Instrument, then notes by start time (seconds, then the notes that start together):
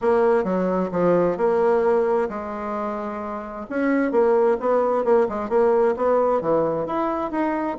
bassoon
0.01 A#3
0.44 F#3
0.91 F3
1.37 A#3
2.29 G#3
3.69 C#4
4.11 A#3
4.60 B3
5.04 A#3
5.29 G#3
5.49 A#3
5.96 B3
6.41 E3
6.86 E4
7.31 D#4